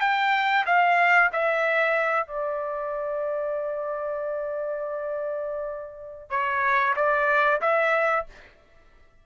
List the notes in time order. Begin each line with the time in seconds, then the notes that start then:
0.00 G5
0.66 F5
1.32 E5
2.27 D5
6.30 C#5
6.96 D5
7.61 E5